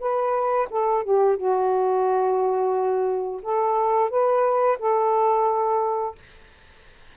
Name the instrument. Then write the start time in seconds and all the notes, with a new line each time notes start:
saxophone
0.00 B4
0.70 A4
1.04 G4
1.37 F#4
3.42 A4
4.10 B4
4.79 A4